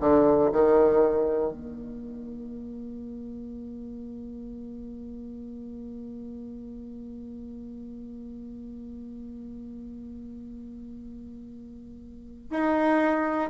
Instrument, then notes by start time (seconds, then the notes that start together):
bassoon
0.00 D3
0.52 D#3
1.51 A#3
12.50 D#4